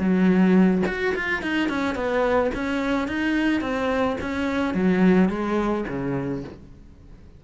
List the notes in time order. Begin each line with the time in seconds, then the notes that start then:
0.00 F#3
0.87 F#4
1.15 F4
1.43 D#4
1.69 C#4
1.95 B3
2.55 C#4
3.08 D#4
3.62 C4
4.21 C#4
4.75 F#3
5.30 G#3
5.89 C#3